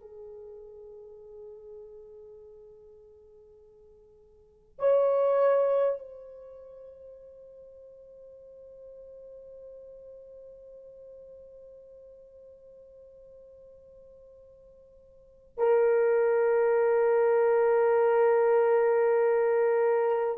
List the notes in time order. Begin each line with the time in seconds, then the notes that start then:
0.00 G#4
4.79 C#5
5.99 C5
15.58 A#4